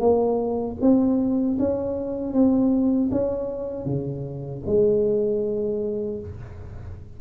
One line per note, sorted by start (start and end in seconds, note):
0.00 0.77 A#3
0.81 1.58 C4
1.59 2.33 C#4
2.33 3.10 C4
3.12 3.86 C#4
3.86 4.63 C#3
4.66 6.20 G#3